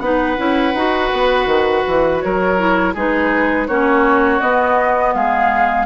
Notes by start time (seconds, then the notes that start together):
0.00 B3 D#4 B4 F#5
0.37 C#4 E4
0.74 D#4 F#4
1.13 B3
1.46 D#3
1.87 E3
2.21 F#3 A#4 C#5
2.58 E4
2.94 G#3 D#4 G#4 B4
3.68 A#3 C#4 F#4 C#5
4.41 B3 D#5
5.14 G#3 G#4 F5